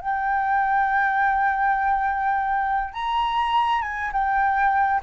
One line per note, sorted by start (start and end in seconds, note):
0.00 2.93 G5
2.93 3.81 A#5
3.81 4.11 G#5
4.12 5.01 G5